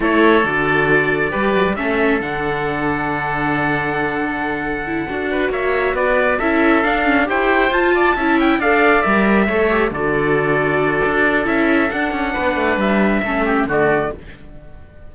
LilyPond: <<
  \new Staff \with { instrumentName = "trumpet" } { \time 4/4 \tempo 4 = 136 cis''4 d''2. | e''4 fis''2.~ | fis''1~ | fis''8 e''4 d''4 e''4 f''8~ |
f''8 g''4 a''4. g''8 f''8~ | f''8 e''2 d''4.~ | d''2 e''4 fis''4~ | fis''4 e''2 d''4 | }
  \new Staff \with { instrumentName = "oboe" } { \time 4/4 a'2. b'4 | a'1~ | a'1 | b'8 cis''4 b'4 a'4.~ |
a'8 c''4. d''8 e''4 d''8~ | d''4. cis''4 a'4.~ | a'1 | b'2 a'8 g'8 fis'4 | }
  \new Staff \with { instrumentName = "viola" } { \time 4/4 e'4 fis'2 g'4 | cis'4 d'2.~ | d'2. e'8 fis'8~ | fis'2~ fis'8 e'4 d'8 |
cis'8 g'4 f'4 e'4 a'8~ | a'8 ais'4 a'8 g'8 fis'4.~ | fis'2 e'4 d'4~ | d'2 cis'4 a4 | }
  \new Staff \with { instrumentName = "cello" } { \time 4/4 a4 d2 g8 fis16 g16 | a4 d2.~ | d2.~ d8 d'8~ | d'8 ais4 b4 cis'4 d'8~ |
d'8 e'4 f'4 cis'4 d'8~ | d'8 g4 a4 d4.~ | d4 d'4 cis'4 d'8 cis'8 | b8 a8 g4 a4 d4 | }
>>